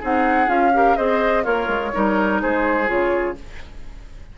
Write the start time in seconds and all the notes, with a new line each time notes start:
0.00 C4 D#4 G#4 F#5
0.47 C#4 F4 F5
0.73 G4 A#4
0.96 C4 G#4 C5 D#5
1.44 A#3 F4 A#4 C#5
1.68 G#3
1.93 G3 D#4 A#4
2.42 G#3 G#4 C5
2.86 C#3 F4 C#5